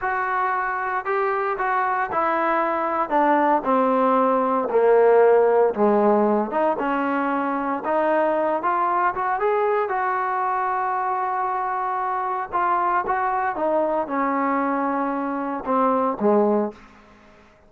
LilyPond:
\new Staff \with { instrumentName = "trombone" } { \time 4/4 \tempo 4 = 115 fis'2 g'4 fis'4 | e'2 d'4 c'4~ | c'4 ais2 gis4~ | gis8 dis'8 cis'2 dis'4~ |
dis'8 f'4 fis'8 gis'4 fis'4~ | fis'1 | f'4 fis'4 dis'4 cis'4~ | cis'2 c'4 gis4 | }